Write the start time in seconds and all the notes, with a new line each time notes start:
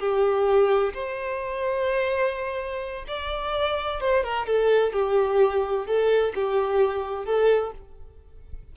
0.00 G4
0.94 C5
3.08 D5
4.01 C5
4.24 A#4
4.47 A4
4.93 G4
5.87 A4
6.35 G4
7.26 A4